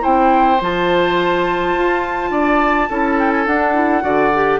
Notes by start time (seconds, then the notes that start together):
0.00 C4 E4 C5 G5
0.61 F3 F4 A5
1.74 F4
2.30 D4 D5
2.90 C#4 E4 A4
3.19 G5
3.31 G#5
3.46 D4 F#5
3.74 E4
4.01 D3 F#4 D5
4.34 G4